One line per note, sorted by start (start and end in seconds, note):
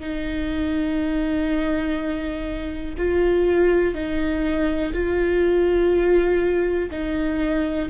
0.00 2.95 D#4
2.98 3.95 F4
3.95 4.93 D#4
4.93 6.90 F4
6.91 7.89 D#4